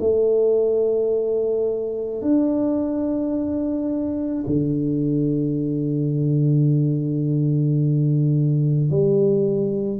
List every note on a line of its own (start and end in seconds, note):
0.00 2.22 A3
2.22 4.44 D4
4.46 8.90 D3
8.90 9.99 G3